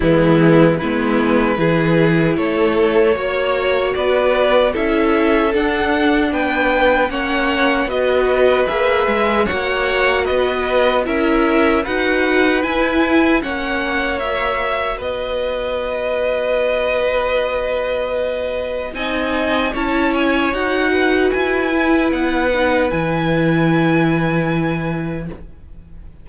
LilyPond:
<<
  \new Staff \with { instrumentName = "violin" } { \time 4/4 \tempo 4 = 76 e'4 b'2 cis''4~ | cis''4 d''4 e''4 fis''4 | g''4 fis''4 dis''4 e''4 | fis''4 dis''4 e''4 fis''4 |
gis''4 fis''4 e''4 dis''4~ | dis''1 | gis''4 a''8 gis''8 fis''4 gis''4 | fis''4 gis''2. | }
  \new Staff \with { instrumentName = "violin" } { \time 4/4 b4 e'4 gis'4 a'4 | cis''4 b'4 a'2 | b'4 cis''4 b'2 | cis''4 b'4 ais'4 b'4~ |
b'4 cis''2 b'4~ | b'1 | dis''4 cis''4. b'4.~ | b'1 | }
  \new Staff \with { instrumentName = "viola" } { \time 4/4 gis4 b4 e'2 | fis'2 e'4 d'4~ | d'4 cis'4 fis'4 gis'4 | fis'2 e'4 fis'4 |
e'4 cis'4 fis'2~ | fis'1 | dis'4 e'4 fis'4. e'8~ | e'8 dis'8 e'2. | }
  \new Staff \with { instrumentName = "cello" } { \time 4/4 e4 gis4 e4 a4 | ais4 b4 cis'4 d'4 | b4 ais4 b4 ais8 gis8 | ais4 b4 cis'4 dis'4 |
e'4 ais2 b4~ | b1 | c'4 cis'4 dis'4 e'4 | b4 e2. | }
>>